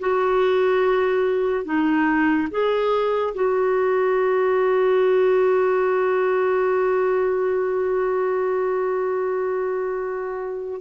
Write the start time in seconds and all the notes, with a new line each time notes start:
0.00 F#4
1.65 D#4
2.51 G#4
3.35 F#4